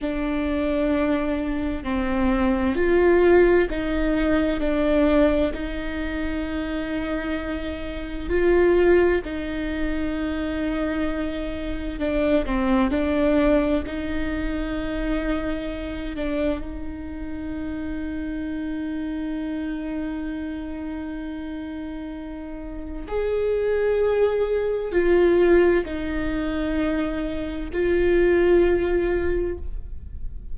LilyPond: \new Staff \with { instrumentName = "viola" } { \time 4/4 \tempo 4 = 65 d'2 c'4 f'4 | dis'4 d'4 dis'2~ | dis'4 f'4 dis'2~ | dis'4 d'8 c'8 d'4 dis'4~ |
dis'4. d'8 dis'2~ | dis'1~ | dis'4 gis'2 f'4 | dis'2 f'2 | }